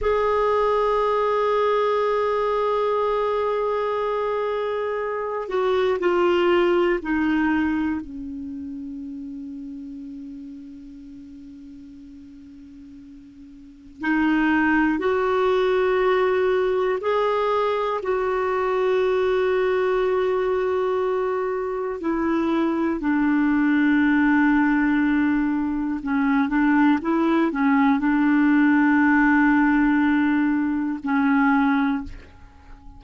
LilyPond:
\new Staff \with { instrumentName = "clarinet" } { \time 4/4 \tempo 4 = 60 gis'1~ | gis'4. fis'8 f'4 dis'4 | cis'1~ | cis'2 dis'4 fis'4~ |
fis'4 gis'4 fis'2~ | fis'2 e'4 d'4~ | d'2 cis'8 d'8 e'8 cis'8 | d'2. cis'4 | }